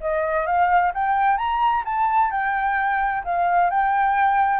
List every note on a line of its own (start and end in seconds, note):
0.00 0.46 D#5
0.46 0.92 F5
0.94 1.37 G5
1.37 1.83 A#5
1.84 2.31 A5
2.31 3.23 G5
3.23 3.70 F5
3.70 4.59 G5